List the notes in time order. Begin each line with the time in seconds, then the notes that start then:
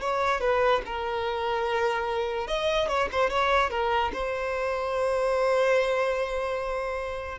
0.00 C#5
0.40 B4
0.86 A#4
2.47 D#5
2.88 C#5
3.12 C5
3.30 C#5
3.70 A#4
4.13 C5